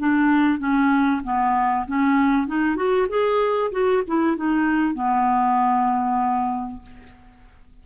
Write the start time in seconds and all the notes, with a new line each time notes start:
0.00 D4
0.59 C#4
1.24 B3
1.88 C#4
2.48 D#4
2.76 F#4
3.09 G#4
3.72 F#4
4.08 E4
4.37 D#4
4.95 B3